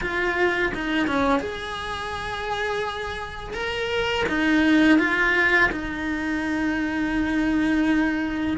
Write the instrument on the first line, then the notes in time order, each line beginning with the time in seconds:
cello
0.01 F4
0.74 D#4
1.07 C#4
1.39 G#4
3.53 A#4
4.29 D#4
4.98 F4
5.71 D#4